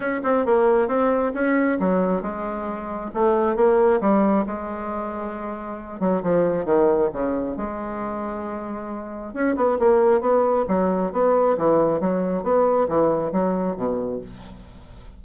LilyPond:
\new Staff \with { instrumentName = "bassoon" } { \time 4/4 \tempo 4 = 135 cis'8 c'8 ais4 c'4 cis'4 | fis4 gis2 a4 | ais4 g4 gis2~ | gis4. fis8 f4 dis4 |
cis4 gis2.~ | gis4 cis'8 b8 ais4 b4 | fis4 b4 e4 fis4 | b4 e4 fis4 b,4 | }